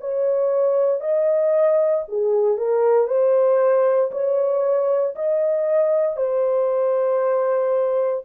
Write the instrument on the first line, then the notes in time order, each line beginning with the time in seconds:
horn
0.00 C#5
1.00 D#5
2.08 G#4
2.57 A#4
3.07 C5
4.11 C#5
5.15 D#5
6.16 C5